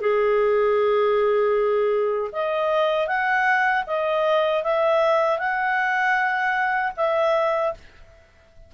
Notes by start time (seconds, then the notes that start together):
0.00 G#4
2.32 D#5
3.07 F#5
3.86 D#5
4.63 E5
5.38 F#5
6.97 E5